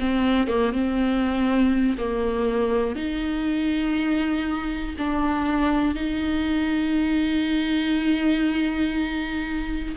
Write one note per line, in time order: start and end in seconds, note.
0.00 0.48 C4
0.48 0.73 A#3
0.73 1.98 C4
1.98 2.96 A#3
2.96 4.96 D#4
4.98 5.95 D4
5.95 9.95 D#4